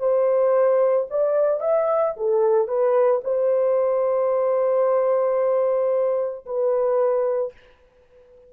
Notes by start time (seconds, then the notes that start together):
0.00 C5
1.11 D5
1.61 E5
2.17 A4
2.68 B4
3.24 C5
6.46 B4